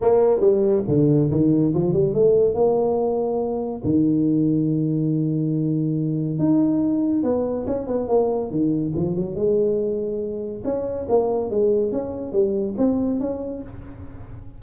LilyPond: \new Staff \with { instrumentName = "tuba" } { \time 4/4 \tempo 4 = 141 ais4 g4 d4 dis4 | f8 g8 a4 ais2~ | ais4 dis2.~ | dis2. dis'4~ |
dis'4 b4 cis'8 b8 ais4 | dis4 f8 fis8 gis2~ | gis4 cis'4 ais4 gis4 | cis'4 g4 c'4 cis'4 | }